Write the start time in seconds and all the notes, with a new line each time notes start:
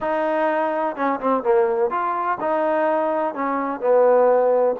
0.01 D#4
0.95 C#4
1.20 C4
1.43 A#3
1.90 F4
2.40 D#4
3.34 C#4
3.80 B3